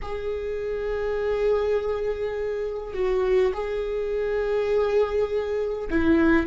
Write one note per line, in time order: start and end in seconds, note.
0.02 2.94 G#4
2.94 3.52 F#4
3.53 5.88 G#4
5.89 6.46 E4